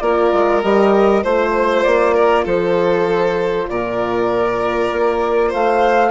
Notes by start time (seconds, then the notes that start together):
0.00 A#3 F4 A#4 D5
0.33 G#3
0.62 G3 G4 D#5
1.23 A3 F4 C5
1.83 A#3 D5
2.14 A#4
2.45 F3 A4 C5
3.68 A#2 A#4 D5
4.92 A#3
5.48 A3 C5 F5